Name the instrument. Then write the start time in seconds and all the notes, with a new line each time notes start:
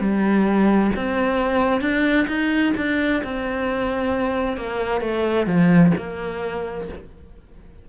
cello
0.00 G3
0.95 C4
1.81 D4
2.27 D#4
2.77 D4
3.24 C4
4.57 A#3
5.01 A3
5.46 F3
5.98 A#3